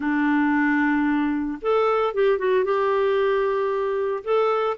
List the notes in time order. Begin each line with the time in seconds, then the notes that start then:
0.00 D4
1.61 A4
2.14 G4
2.38 F#4
2.64 G4
4.24 A4